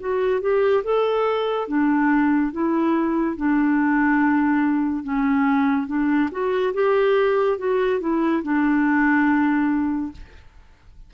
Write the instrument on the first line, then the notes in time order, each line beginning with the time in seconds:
clarinet
0.00 F#4
0.41 G4
0.84 A4
1.68 D4
2.52 E4
3.37 D4
5.04 C#4
5.87 D4
6.31 F#4
6.74 G4
7.58 F#4
8.01 E4
8.43 D4